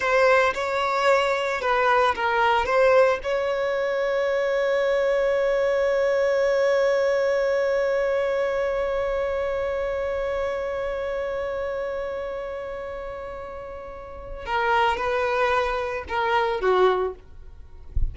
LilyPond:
\new Staff \with { instrumentName = "violin" } { \time 4/4 \tempo 4 = 112 c''4 cis''2 b'4 | ais'4 c''4 cis''2~ | cis''1~ | cis''1~ |
cis''1~ | cis''1~ | cis''2. ais'4 | b'2 ais'4 fis'4 | }